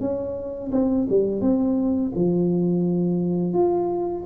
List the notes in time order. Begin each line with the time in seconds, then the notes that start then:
0.00 C#4
0.72 C4
1.09 G3
1.41 C4
2.15 F3
3.53 F4